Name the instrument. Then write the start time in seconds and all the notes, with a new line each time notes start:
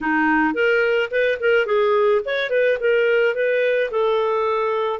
clarinet
0.00 D#4
0.54 A#4
1.10 B4
1.39 A#4
1.66 G#4
2.25 C#5
2.50 B4
2.80 A#4
3.35 B4
3.90 A4